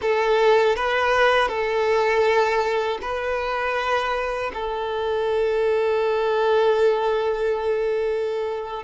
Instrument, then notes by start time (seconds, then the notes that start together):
violin
0.01 A4
0.75 B4
1.48 A4
3.01 B4
4.54 A4